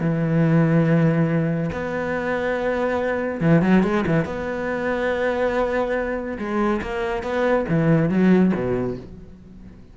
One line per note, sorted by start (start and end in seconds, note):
0.00 1.70 E3
1.72 3.40 B3
3.40 3.62 E3
3.62 3.83 F#3
3.83 4.04 G#3
4.07 4.25 E3
4.25 6.38 B3
6.38 6.81 G#3
6.82 7.23 A#3
7.23 7.65 B3
7.69 8.09 E3
8.09 8.52 F#3
8.54 8.97 B2